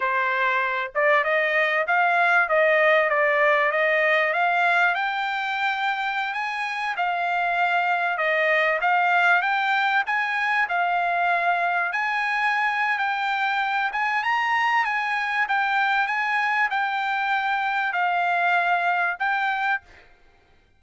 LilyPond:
\new Staff \with { instrumentName = "trumpet" } { \time 4/4 \tempo 4 = 97 c''4. d''8 dis''4 f''4 | dis''4 d''4 dis''4 f''4 | g''2~ g''16 gis''4 f''8.~ | f''4~ f''16 dis''4 f''4 g''8.~ |
g''16 gis''4 f''2 gis''8.~ | gis''4 g''4. gis''8 ais''4 | gis''4 g''4 gis''4 g''4~ | g''4 f''2 g''4 | }